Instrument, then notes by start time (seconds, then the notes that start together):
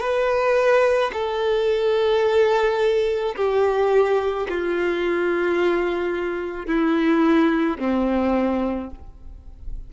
violin
0.00 B4
1.14 A4
3.36 G4
4.49 F4
6.67 E4
7.79 C4